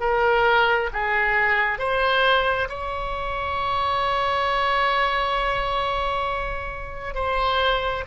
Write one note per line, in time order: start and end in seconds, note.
0.00 0.90 A#4
0.93 1.78 G#4
1.78 2.68 C5
2.69 7.14 C#5
7.14 8.04 C5